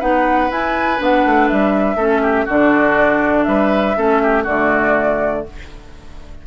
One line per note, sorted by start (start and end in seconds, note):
0.00 0.51 B3
0.00 0.50 D#4
0.00 1.97 B4
0.00 0.51 F#5
0.51 1.00 E4
0.51 0.98 E4
0.51 1.01 G#5
0.98 1.26 B3
0.98 1.97 D4
0.98 1.48 F#5
1.26 1.51 A3
1.48 1.96 G3
1.48 2.47 E5
1.96 2.46 A3
1.96 2.49 C#4
1.96 2.22 A4
2.23 2.46 G4
2.46 3.47 D3
2.46 3.96 D4
2.46 3.45 F#4
2.46 3.44 D5
3.44 3.97 G3
3.44 3.97 B4
3.44 4.43 E5
3.96 4.47 A3
3.96 4.46 C#4
3.96 4.22 A4
4.23 4.43 G4
4.43 5.47 D3
4.43 5.47 A3
4.43 5.43 F#4
4.43 5.46 D5